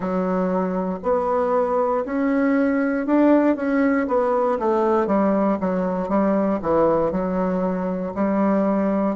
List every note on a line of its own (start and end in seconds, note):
0.00 0.99 F#3
1.02 2.04 B3
2.05 3.06 C#4
3.06 3.55 D4
3.55 4.06 C#4
4.07 4.58 B3
4.59 5.07 A3
5.07 5.57 G3
5.60 6.08 F#3
6.08 6.59 G3
6.61 7.11 E3
7.11 8.13 F#3
8.14 9.15 G3